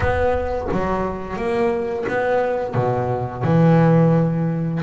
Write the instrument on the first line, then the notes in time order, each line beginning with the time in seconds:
double bass
0.00 B3
0.71 F#3
1.36 A#3
2.08 B3
2.74 B2
3.43 E3